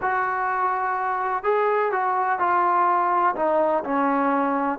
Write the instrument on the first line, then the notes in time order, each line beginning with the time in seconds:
trombone
0.01 F#4
1.43 G#4
1.92 F#4
2.39 F4
3.35 D#4
3.84 C#4